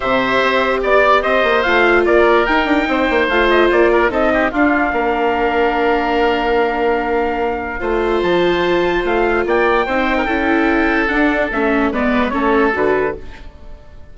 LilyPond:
<<
  \new Staff \with { instrumentName = "trumpet" } { \time 4/4 \tempo 4 = 146 e''2 d''4 dis''4 | f''4 d''4 g''2 | f''8 dis''8 d''4 dis''4 f''4~ | f''1~ |
f''1 | a''2 f''4 g''4~ | g''2. fis''4 | e''4 d''4 cis''4 b'4 | }
  \new Staff \with { instrumentName = "oboe" } { \time 4/4 c''2 d''4 c''4~ | c''4 ais'2 c''4~ | c''4. ais'8 a'8 g'8 f'4 | ais'1~ |
ais'2. c''4~ | c''2. d''4 | c''8. ais'16 a'2.~ | a'4 b'4 a'2 | }
  \new Staff \with { instrumentName = "viola" } { \time 4/4 g'1 | f'2 dis'2 | f'2 dis'4 d'4~ | d'1~ |
d'2. f'4~ | f'1 | dis'4 e'2 d'4 | cis'4 b4 cis'4 fis'4 | }
  \new Staff \with { instrumentName = "bassoon" } { \time 4/4 c4 c'4 b4 c'8 ais8 | a4 ais4 dis'8 d'8 c'8 ais8 | a4 ais4 c'4 d'4 | ais1~ |
ais2. a4 | f2 a4 ais4 | c'4 cis'2 d'4 | a4 gis4 a4 d4 | }
>>